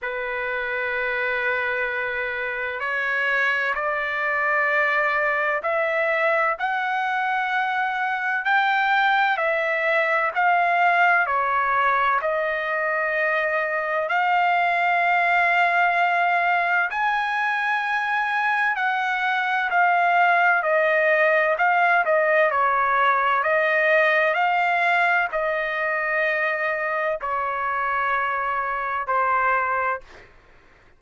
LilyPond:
\new Staff \with { instrumentName = "trumpet" } { \time 4/4 \tempo 4 = 64 b'2. cis''4 | d''2 e''4 fis''4~ | fis''4 g''4 e''4 f''4 | cis''4 dis''2 f''4~ |
f''2 gis''2 | fis''4 f''4 dis''4 f''8 dis''8 | cis''4 dis''4 f''4 dis''4~ | dis''4 cis''2 c''4 | }